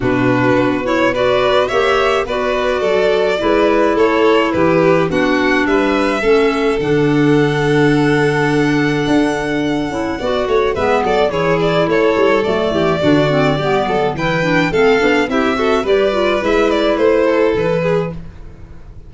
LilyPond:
<<
  \new Staff \with { instrumentName = "violin" } { \time 4/4 \tempo 4 = 106 b'4. cis''8 d''4 e''4 | d''2. cis''4 | b'4 fis''4 e''2 | fis''1~ |
fis''2. e''8 d''8 | cis''8 d''8 cis''4 d''2~ | d''4 g''4 f''4 e''4 | d''4 e''8 d''8 c''4 b'4 | }
  \new Staff \with { instrumentName = "violin" } { \time 4/4 fis'2 b'4 cis''4 | b'4 a'4 b'4 a'4 | g'4 fis'4 b'4 a'4~ | a'1~ |
a'2 d''8 cis''8 b'8 a'8 | gis'4 a'4. g'8 fis'4 | g'8 a'8 b'4 a'4 g'8 a'8 | b'2~ b'8 a'4 gis'8 | }
  \new Staff \with { instrumentName = "clarinet" } { \time 4/4 d'4. e'8 fis'4 g'4 | fis'2 e'2~ | e'4 d'2 cis'4 | d'1~ |
d'4. e'8 fis'4 b4 | e'2 a4 d'8 c'8 | b4 e'8 d'8 c'8 d'8 e'8 fis'8 | g'8 f'8 e'2. | }
  \new Staff \with { instrumentName = "tuba" } { \time 4/4 b,4 b2 ais4 | b4 fis4 gis4 a4 | e4 b4 g4 a4 | d1 |
d'4. cis'8 b8 a8 gis8 fis8 | e4 a8 g8 fis8 e8 d4 | g8 fis8 e4 a8 b8 c'4 | g4 gis4 a4 e4 | }
>>